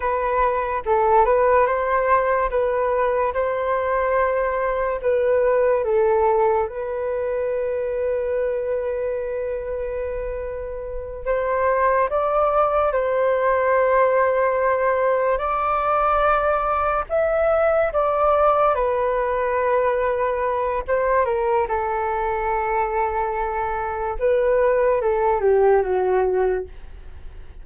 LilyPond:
\new Staff \with { instrumentName = "flute" } { \time 4/4 \tempo 4 = 72 b'4 a'8 b'8 c''4 b'4 | c''2 b'4 a'4 | b'1~ | b'4. c''4 d''4 c''8~ |
c''2~ c''8 d''4.~ | d''8 e''4 d''4 b'4.~ | b'4 c''8 ais'8 a'2~ | a'4 b'4 a'8 g'8 fis'4 | }